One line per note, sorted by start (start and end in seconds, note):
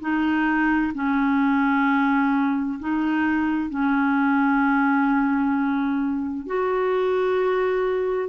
0.00 0.92 D#4
0.94 2.79 C#4
2.79 3.69 D#4
3.69 6.46 C#4
6.46 8.28 F#4